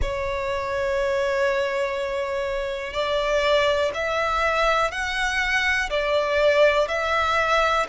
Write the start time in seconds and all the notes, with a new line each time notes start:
0.01 C#5
2.93 D5
3.93 E5
4.91 F#5
5.90 D5
6.88 E5